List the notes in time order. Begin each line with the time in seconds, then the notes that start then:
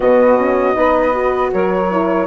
0.00 B2 B3 F#4 D#5
0.37 C#4
0.73 B3 D#4 B4
1.11 F#4
1.52 F#3 A#4 C#5
1.91 E4